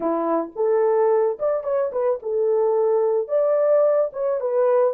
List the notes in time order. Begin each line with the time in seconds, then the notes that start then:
0.00 E4
0.55 A4
1.39 D5
1.63 C#5
1.91 B4
2.22 A4
3.28 D5
4.13 C#5
4.40 B4